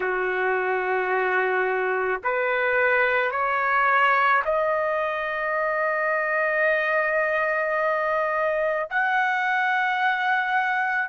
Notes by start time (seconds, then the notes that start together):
0.00 F#4
2.23 B4
3.31 C#5
4.44 D#5
8.89 F#5